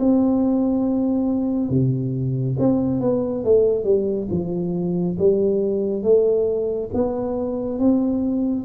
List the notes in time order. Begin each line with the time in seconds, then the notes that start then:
0.00 C4
1.70 C3
2.60 C4
3.01 B3
3.45 A3
3.85 G3
4.31 F3
5.19 G3
6.04 A3
6.94 B3
7.79 C4